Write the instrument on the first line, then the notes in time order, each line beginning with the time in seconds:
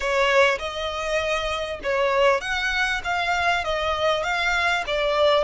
violin
0.00 C#5
0.58 D#5
1.83 C#5
2.40 F#5
3.04 F5
3.64 D#5
4.23 F5
4.87 D5